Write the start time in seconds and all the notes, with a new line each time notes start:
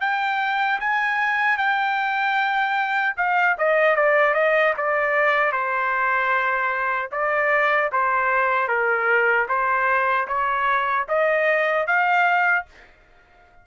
0.00 G5
0.80 G#5
1.57 G5
3.17 F5
3.58 D#5
3.96 D5
4.34 D#5
4.77 D5
5.52 C5
7.12 D5
7.92 C5
8.68 A#4
9.48 C5
10.27 C#5
11.08 D#5
11.87 F5